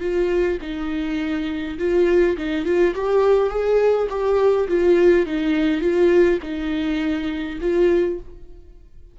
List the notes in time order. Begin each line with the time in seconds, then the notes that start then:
0.00 F4
0.61 D#4
1.78 F4
2.37 D#4
2.65 F4
2.95 G4
3.50 G#4
4.09 G4
4.68 F4
5.26 D#4
5.81 F4
6.42 D#4
7.61 F4